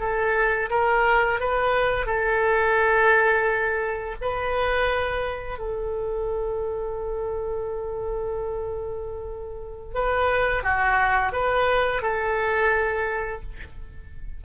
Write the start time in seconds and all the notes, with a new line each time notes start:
0.00 A4
0.70 A#4
1.40 B4
2.06 A4
4.21 B4
5.58 A4
9.95 B4
10.63 F#4
11.32 B4
12.02 A4